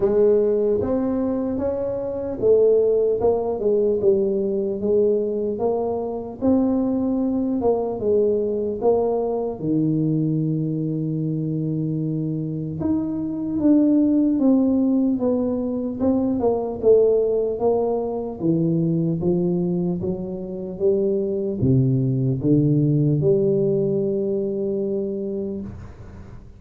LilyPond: \new Staff \with { instrumentName = "tuba" } { \time 4/4 \tempo 4 = 75 gis4 c'4 cis'4 a4 | ais8 gis8 g4 gis4 ais4 | c'4. ais8 gis4 ais4 | dis1 |
dis'4 d'4 c'4 b4 | c'8 ais8 a4 ais4 e4 | f4 fis4 g4 c4 | d4 g2. | }